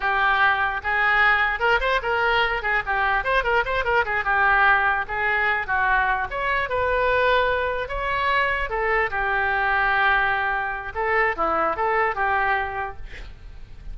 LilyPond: \new Staff \with { instrumentName = "oboe" } { \time 4/4 \tempo 4 = 148 g'2 gis'2 | ais'8 c''8 ais'4. gis'8 g'4 | c''8 ais'8 c''8 ais'8 gis'8 g'4.~ | g'8 gis'4. fis'4. cis''8~ |
cis''8 b'2. cis''8~ | cis''4. a'4 g'4.~ | g'2. a'4 | e'4 a'4 g'2 | }